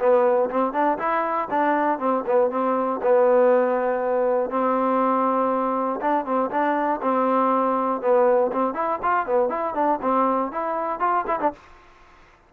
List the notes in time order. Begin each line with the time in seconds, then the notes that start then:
0.00 B3
0.50 C4
0.73 D4
0.99 E4
1.51 D4
1.99 C4
2.27 B3
2.51 C4
3.03 B3
4.50 C4
6.01 D4
6.25 C4
6.51 D4
7.02 C4
8.02 B3
8.53 C4
8.74 E4
9.03 F4
9.26 B3
9.50 E4
9.75 D4
10.02 C4
10.52 E4
11.00 F4
11.27 E4
11.40 D4